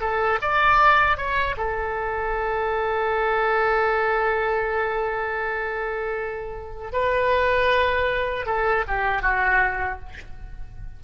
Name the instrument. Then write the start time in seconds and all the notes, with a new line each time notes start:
oboe
0.00 A4
0.42 D5
1.17 C#5
1.57 A4
6.92 B4
8.46 A4
8.87 G4
9.22 F#4